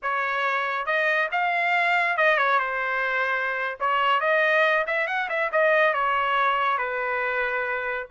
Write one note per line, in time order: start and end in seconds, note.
0.02 0.86 C#5
0.86 1.29 D#5
1.31 2.17 F5
2.17 2.37 D#5
2.37 2.59 C#5
2.59 3.77 C5
3.80 4.20 C#5
4.20 4.85 D#5
4.86 5.07 E5
5.07 5.28 F#5
5.29 5.51 E5
5.51 5.93 D#5
5.93 6.77 C#5
6.77 8.07 B4